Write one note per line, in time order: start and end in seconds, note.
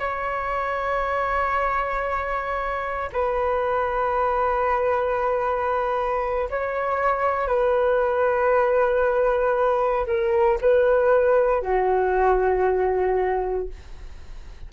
0.00 3.10 C#5
3.13 6.49 B4
6.51 7.48 C#5
7.48 10.07 B4
10.07 10.59 A#4
10.62 11.62 B4
11.62 13.69 F#4